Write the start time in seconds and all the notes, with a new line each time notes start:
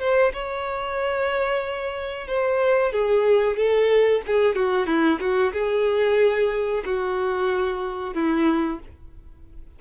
0.00 C5
0.33 C#5
2.27 C5
2.92 G#4
3.57 A4
4.27 G#4
4.56 F#4
4.87 E4
5.20 F#4
5.53 G#4
6.85 F#4
8.14 E4